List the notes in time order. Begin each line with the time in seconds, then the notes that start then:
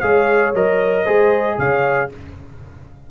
0.00 G#3 G#4 C#5 F5
0.54 F#3 A#4 D#5
1.03 G#3 G#4 C5
1.58 C#3 C#5 F5